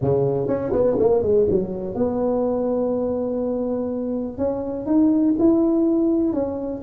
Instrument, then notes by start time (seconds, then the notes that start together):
tuba
0.01 C#3
0.47 C#4
0.72 B3
0.99 A#3
1.22 G#3
1.50 F#3
1.94 B3
4.37 C#4
4.86 D#4
5.39 E4
6.33 C#4